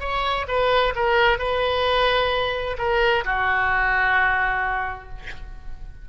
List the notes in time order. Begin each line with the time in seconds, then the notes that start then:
0.00 C#5
0.48 B4
0.95 A#4
1.39 B4
2.78 A#4
3.25 F#4